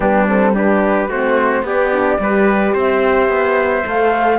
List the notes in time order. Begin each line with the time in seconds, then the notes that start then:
0.00 G3 B3 D4 G4
0.27 C4 A4
0.54 D4 G4 B4
1.08 A3 C4 F#4 C5
1.62 B3 G4 D5
1.92 D4
2.19 G3 G4 B4
2.73 C4 C5 E5
3.28 B3
3.84 A3 A4 F5